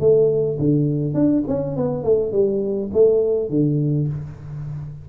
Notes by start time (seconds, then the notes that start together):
0.00 A3
0.59 D3
1.14 D4
1.48 C#4
1.77 B3
2.04 A3
2.32 G3
2.93 A3
3.50 D3